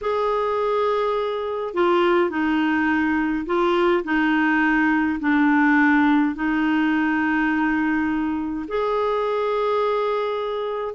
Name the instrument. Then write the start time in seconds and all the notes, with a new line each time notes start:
clarinet
0.01 G#4
1.73 F4
2.30 D#4
3.46 F4
4.04 D#4
5.20 D4
6.35 D#4
8.67 G#4